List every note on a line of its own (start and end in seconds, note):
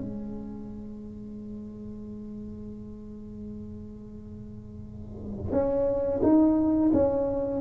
0.00 5.51 G#3
5.51 6.20 C#4
6.23 6.92 D#4
6.93 7.61 C#4